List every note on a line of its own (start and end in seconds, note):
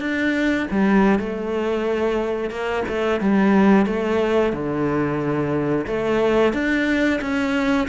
0.00 0.67 D4
0.71 1.19 G3
1.19 2.50 A3
2.50 2.84 A#3
2.88 3.20 A3
3.20 3.86 G3
3.86 4.53 A3
4.53 5.86 D3
5.87 6.53 A3
6.53 7.20 D4
7.21 7.88 C#4